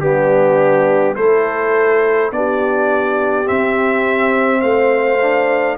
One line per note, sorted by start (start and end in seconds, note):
0.00 1.16 G3
0.00 1.16 B3
0.00 1.16 D4
0.00 1.15 G4
1.16 2.31 A3
1.16 2.32 E4
1.16 2.31 A4
1.16 2.31 C5
2.31 3.47 B3
2.31 3.45 D4
2.31 4.60 G4
2.31 3.48 D5
3.45 5.18 C4
3.45 4.62 C4
3.45 4.61 E5
4.60 5.77 A3
4.60 5.76 C5
4.60 5.76 F5
5.22 5.78 D4